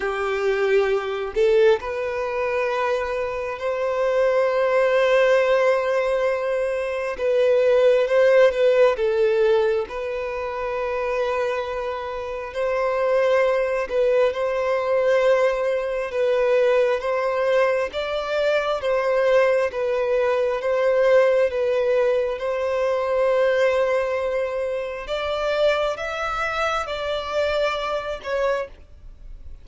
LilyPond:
\new Staff \with { instrumentName = "violin" } { \time 4/4 \tempo 4 = 67 g'4. a'8 b'2 | c''1 | b'4 c''8 b'8 a'4 b'4~ | b'2 c''4. b'8 |
c''2 b'4 c''4 | d''4 c''4 b'4 c''4 | b'4 c''2. | d''4 e''4 d''4. cis''8 | }